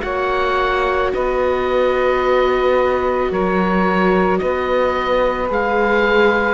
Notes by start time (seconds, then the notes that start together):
0.00 A#3 F#4 C#5 F#5
1.13 B3 B4 D#5
3.30 F#3 A#4 C#5
4.38 B3 B4 D#5
5.48 G#3 G#4 F5